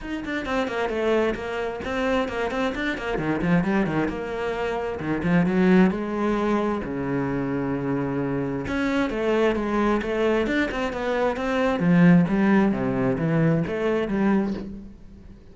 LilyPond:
\new Staff \with { instrumentName = "cello" } { \time 4/4 \tempo 4 = 132 dis'8 d'8 c'8 ais8 a4 ais4 | c'4 ais8 c'8 d'8 ais8 dis8 f8 | g8 dis8 ais2 dis8 f8 | fis4 gis2 cis4~ |
cis2. cis'4 | a4 gis4 a4 d'8 c'8 | b4 c'4 f4 g4 | c4 e4 a4 g4 | }